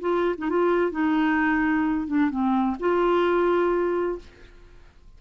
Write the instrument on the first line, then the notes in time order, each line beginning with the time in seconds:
clarinet
0.00 F4
0.37 D#4
0.49 F4
0.91 D#4
2.07 D4
2.30 C4
2.79 F4